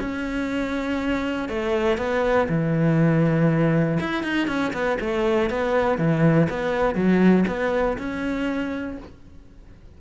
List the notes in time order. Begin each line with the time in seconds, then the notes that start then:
0.00 C#4
1.49 A3
1.97 B3
2.49 E3
4.00 E4
4.23 D#4
4.47 C#4
4.73 B3
5.00 A3
5.50 B3
5.98 E3
6.50 B3
6.95 F#3
7.48 B3
7.98 C#4